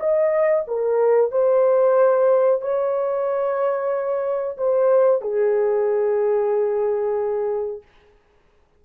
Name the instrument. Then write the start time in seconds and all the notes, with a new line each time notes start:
horn
0.00 D#5
0.68 A#4
1.32 C5
2.62 C#5
4.58 C5
5.22 G#4